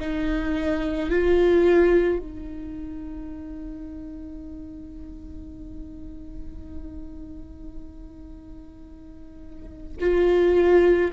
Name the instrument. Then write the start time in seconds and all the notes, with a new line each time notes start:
viola
0.00 D#4
1.10 F4
2.19 D#4
10.01 F4